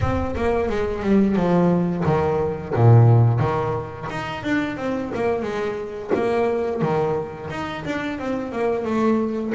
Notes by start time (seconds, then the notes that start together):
0.01 C4
0.36 A#3
0.69 G#3
1.03 G3
1.36 F3
2.05 D#3
2.74 A#2
3.39 D#3
4.10 D#4
4.43 D4
4.76 C4
5.14 A#3
5.42 G#3
6.14 A#3
6.81 D#3
7.49 D#4
7.85 D4
8.18 C4
8.52 A#3
8.85 A3